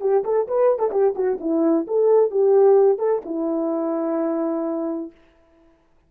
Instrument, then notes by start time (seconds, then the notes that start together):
horn
0.00 G4
0.24 A4
0.47 B4
0.78 A4
0.91 G4
1.15 F#4
1.40 E4
1.87 A4
2.31 G4
2.98 A4
3.25 E4